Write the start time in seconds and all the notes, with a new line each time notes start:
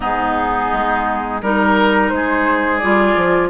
0.00 G#2 B3 D#4 G#4
0.72 G#3
1.41 G3 D#4 A#4
2.09 G#3 C5
2.15 G#4
2.77 G3 F4 D5
3.15 F3